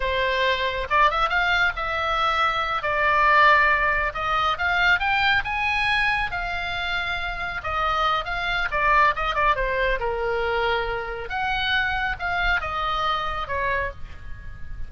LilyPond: \new Staff \with { instrumentName = "oboe" } { \time 4/4 \tempo 4 = 138 c''2 d''8 e''8 f''4 | e''2~ e''8 d''4.~ | d''4. dis''4 f''4 g''8~ | g''8 gis''2 f''4.~ |
f''4. dis''4. f''4 | d''4 dis''8 d''8 c''4 ais'4~ | ais'2 fis''2 | f''4 dis''2 cis''4 | }